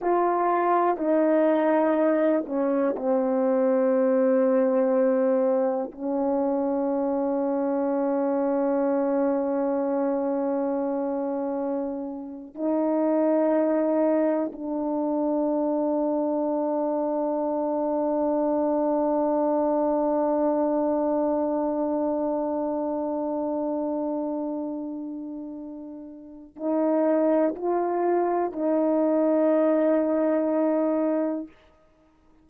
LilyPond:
\new Staff \with { instrumentName = "horn" } { \time 4/4 \tempo 4 = 61 f'4 dis'4. cis'8 c'4~ | c'2 cis'2~ | cis'1~ | cis'8. dis'2 d'4~ d'16~ |
d'1~ | d'1~ | d'2. dis'4 | f'4 dis'2. | }